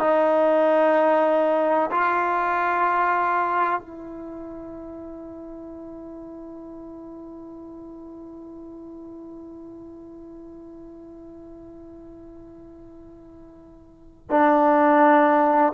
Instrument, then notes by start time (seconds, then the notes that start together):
trombone
0.00 D#4
1.91 F4
3.81 E4
14.30 D4